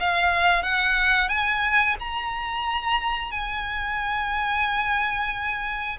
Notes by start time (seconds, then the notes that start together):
0.00 F5
0.63 F#5
1.29 G#5
2.00 A#5
3.32 G#5